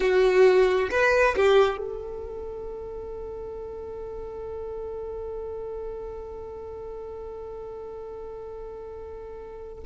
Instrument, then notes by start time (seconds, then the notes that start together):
violin
0.00 F#4
0.90 B4
1.36 G4
1.77 A4